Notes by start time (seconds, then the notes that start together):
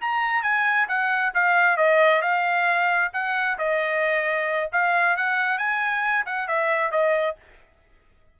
0.00 A#5
0.42 G#5
0.88 F#5
1.34 F5
1.76 D#5
2.21 F5
3.12 F#5
3.58 D#5
4.72 F5
5.16 F#5
5.57 G#5
6.25 F#5
6.47 E5
6.91 D#5